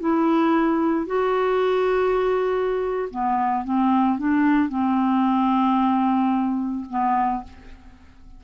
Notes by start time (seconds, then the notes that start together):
0.00 E4
1.06 F#4
3.11 B3
3.64 C4
4.18 D4
4.69 C4
6.89 B3